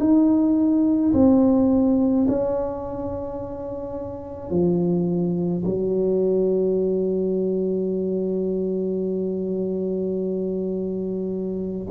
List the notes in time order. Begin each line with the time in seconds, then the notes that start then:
0.00 D#4
1.13 C4
2.28 C#4
4.51 F3
5.65 F#3